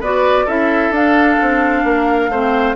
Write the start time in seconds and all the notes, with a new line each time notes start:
0.00 B3 F#4 B4 D5
0.45 C#4 E4 A4 E5
0.90 D4 F5
1.41 C4
1.84 A#3 A#4
2.29 A3 C4 C5